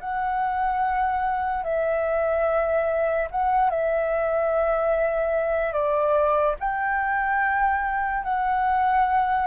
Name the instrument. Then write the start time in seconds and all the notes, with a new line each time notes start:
flute
0.00 F#5
1.64 E5
3.31 F#5
3.70 E5
5.73 D5
6.60 G5
8.24 F#5